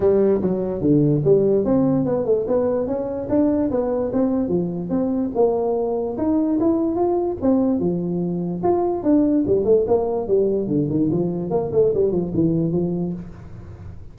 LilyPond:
\new Staff \with { instrumentName = "tuba" } { \time 4/4 \tempo 4 = 146 g4 fis4 d4 g4 | c'4 b8 a8 b4 cis'4 | d'4 b4 c'4 f4 | c'4 ais2 dis'4 |
e'4 f'4 c'4 f4~ | f4 f'4 d'4 g8 a8 | ais4 g4 d8 dis8 f4 | ais8 a8 g8 f8 e4 f4 | }